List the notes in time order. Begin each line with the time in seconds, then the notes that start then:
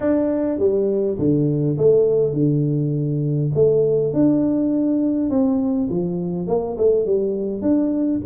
0.00 D4
0.59 G3
1.18 D3
1.77 A3
2.33 D3
3.54 A3
4.13 D4
5.29 C4
5.89 F3
6.47 A#3
6.77 A3
7.05 G3
7.61 D4